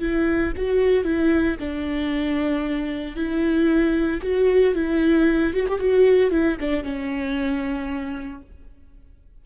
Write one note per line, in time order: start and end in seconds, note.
0.00 0.53 E4
0.56 1.04 F#4
1.04 1.57 E4
1.59 3.16 D4
3.16 4.21 E4
4.22 4.74 F#4
4.74 5.53 E4
5.54 5.67 F#4
5.68 5.79 G4
5.79 6.31 F#4
6.31 6.57 E4
6.60 6.83 D4
6.83 8.41 C#4